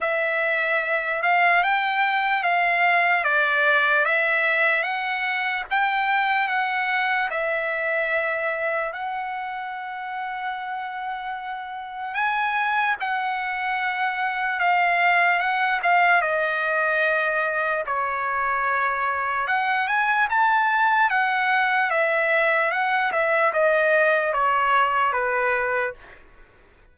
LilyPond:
\new Staff \with { instrumentName = "trumpet" } { \time 4/4 \tempo 4 = 74 e''4. f''8 g''4 f''4 | d''4 e''4 fis''4 g''4 | fis''4 e''2 fis''4~ | fis''2. gis''4 |
fis''2 f''4 fis''8 f''8 | dis''2 cis''2 | fis''8 gis''8 a''4 fis''4 e''4 | fis''8 e''8 dis''4 cis''4 b'4 | }